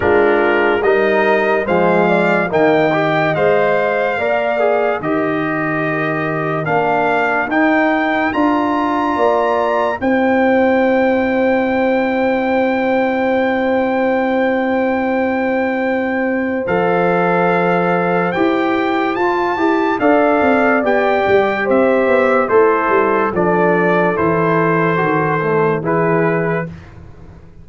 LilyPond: <<
  \new Staff \with { instrumentName = "trumpet" } { \time 4/4 \tempo 4 = 72 ais'4 dis''4 f''4 g''4 | f''2 dis''2 | f''4 g''4 ais''2 | g''1~ |
g''1 | f''2 g''4 a''4 | f''4 g''4 e''4 c''4 | d''4 c''2 b'4 | }
  \new Staff \with { instrumentName = "horn" } { \time 4/4 f'4 ais'4 c''8 d''8 dis''4~ | dis''4 d''4 ais'2~ | ais'2. d''4 | c''1~ |
c''1~ | c''1 | d''2 c''4 e'4 | a'2. gis'4 | }
  \new Staff \with { instrumentName = "trombone" } { \time 4/4 d'4 dis'4 gis4 ais8 g'8 | c''4 ais'8 gis'8 g'2 | d'4 dis'4 f'2 | e'1~ |
e'1 | a'2 g'4 f'8 g'8 | a'4 g'2 a'4 | d'4 e'4 fis'8 a8 e'4 | }
  \new Staff \with { instrumentName = "tuba" } { \time 4/4 gis4 g4 f4 dis4 | gis4 ais4 dis2 | ais4 dis'4 d'4 ais4 | c'1~ |
c'1 | f2 e'4 f'8 e'8 | d'8 c'8 b8 g8 c'8 b8 a8 g8 | f4 e4 dis4 e4 | }
>>